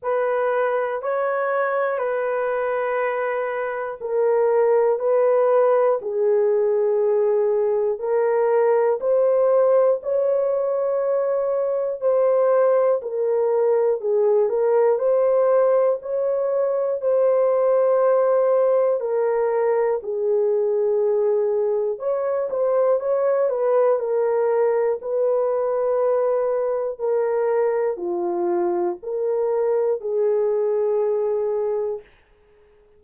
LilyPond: \new Staff \with { instrumentName = "horn" } { \time 4/4 \tempo 4 = 60 b'4 cis''4 b'2 | ais'4 b'4 gis'2 | ais'4 c''4 cis''2 | c''4 ais'4 gis'8 ais'8 c''4 |
cis''4 c''2 ais'4 | gis'2 cis''8 c''8 cis''8 b'8 | ais'4 b'2 ais'4 | f'4 ais'4 gis'2 | }